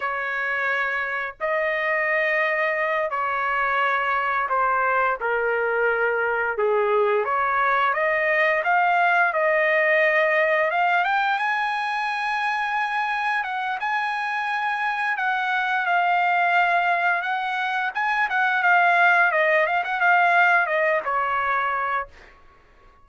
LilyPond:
\new Staff \with { instrumentName = "trumpet" } { \time 4/4 \tempo 4 = 87 cis''2 dis''2~ | dis''8 cis''2 c''4 ais'8~ | ais'4. gis'4 cis''4 dis''8~ | dis''8 f''4 dis''2 f''8 |
g''8 gis''2. fis''8 | gis''2 fis''4 f''4~ | f''4 fis''4 gis''8 fis''8 f''4 | dis''8 f''16 fis''16 f''4 dis''8 cis''4. | }